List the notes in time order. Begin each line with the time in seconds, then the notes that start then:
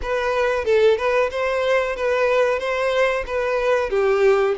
0.01 B4
0.65 A4
0.97 B4
1.30 C5
1.96 B4
2.59 C5
3.26 B4
3.90 G4